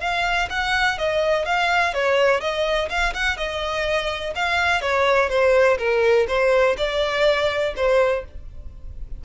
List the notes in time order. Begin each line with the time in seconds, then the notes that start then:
0.00 F5
0.50 F#5
0.98 D#5
1.45 F5
1.94 C#5
2.40 D#5
2.89 F5
3.13 F#5
3.37 D#5
4.35 F5
4.81 C#5
5.29 C5
5.78 A#4
6.27 C5
6.77 D5
7.76 C5